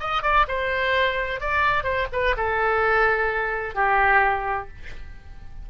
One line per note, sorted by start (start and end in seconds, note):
0.00 0.23 D#5
0.23 0.46 D5
0.48 1.40 C5
1.40 1.83 D5
1.83 2.07 C5
2.12 2.36 B4
2.37 3.75 A4
3.75 4.69 G4